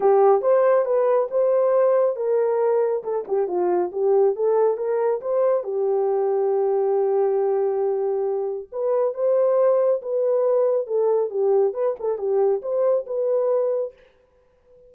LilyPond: \new Staff \with { instrumentName = "horn" } { \time 4/4 \tempo 4 = 138 g'4 c''4 b'4 c''4~ | c''4 ais'2 a'8 g'8 | f'4 g'4 a'4 ais'4 | c''4 g'2.~ |
g'1 | b'4 c''2 b'4~ | b'4 a'4 g'4 b'8 a'8 | g'4 c''4 b'2 | }